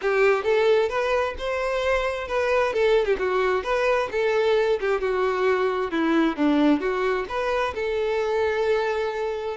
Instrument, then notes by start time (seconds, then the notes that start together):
violin
0.01 G4
0.44 A4
0.89 B4
1.38 C5
2.27 B4
2.73 A4
3.05 G4
3.18 F#4
3.63 B4
4.11 A4
4.80 G4
5.00 F#4
5.91 E4
6.36 D4
6.80 F#4
7.28 B4
7.75 A4